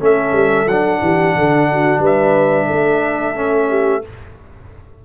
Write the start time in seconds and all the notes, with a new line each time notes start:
0.00 A3 C#4 A4 E5
0.32 G3
0.67 F#3 D4 F#5
1.02 E3 G4
1.36 D3 A4
1.72 F#4
1.99 G3 B4
2.06 E5
2.67 A3 A4
3.35 C#4
3.70 G4